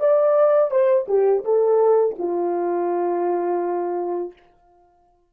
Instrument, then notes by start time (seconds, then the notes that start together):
horn
0.00 D5
0.71 C5
1.08 G4
1.44 A4
2.19 F4